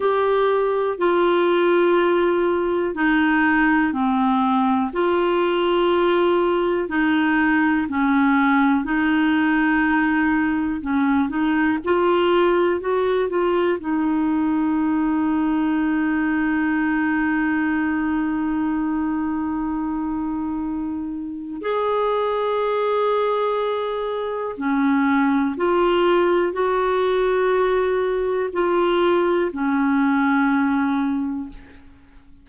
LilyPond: \new Staff \with { instrumentName = "clarinet" } { \time 4/4 \tempo 4 = 61 g'4 f'2 dis'4 | c'4 f'2 dis'4 | cis'4 dis'2 cis'8 dis'8 | f'4 fis'8 f'8 dis'2~ |
dis'1~ | dis'2 gis'2~ | gis'4 cis'4 f'4 fis'4~ | fis'4 f'4 cis'2 | }